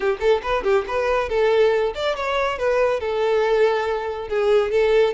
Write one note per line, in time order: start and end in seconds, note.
0.00 0.18 G4
0.20 0.41 A4
0.42 0.63 B4
0.63 0.85 G4
0.87 1.29 B4
1.29 1.93 A4
1.94 2.15 D5
2.15 2.58 C#5
2.58 3.00 B4
3.00 4.28 A4
4.28 4.71 G#4
4.71 5.13 A4